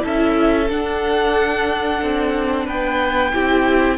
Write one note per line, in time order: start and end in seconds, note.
0.00 0.70 C#4
0.00 0.66 E4
0.00 2.66 A4
0.07 0.71 E5
0.70 3.33 D4
0.70 2.02 D4
0.70 2.68 F#5
2.02 2.68 C4
2.66 3.34 B3
2.66 3.32 B4
2.66 3.98 G5
3.33 3.98 C4
3.33 3.98 E4
3.33 3.98 G4